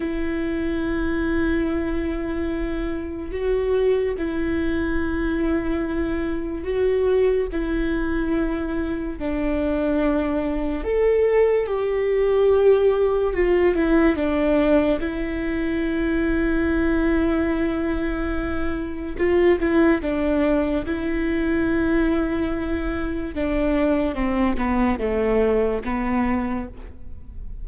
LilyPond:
\new Staff \with { instrumentName = "viola" } { \time 4/4 \tempo 4 = 72 e'1 | fis'4 e'2. | fis'4 e'2 d'4~ | d'4 a'4 g'2 |
f'8 e'8 d'4 e'2~ | e'2. f'8 e'8 | d'4 e'2. | d'4 c'8 b8 a4 b4 | }